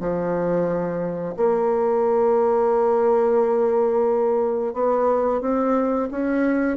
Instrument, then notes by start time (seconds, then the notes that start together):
bassoon
0.00 F3
1.37 A#3
4.73 B3
5.41 C4
6.11 C#4